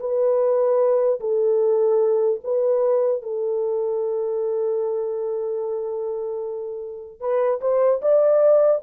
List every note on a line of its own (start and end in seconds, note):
0.00 1.20 B4
1.20 2.40 A4
2.44 3.23 B4
3.23 7.21 A4
7.21 7.61 B4
7.61 8.01 C5
8.02 8.82 D5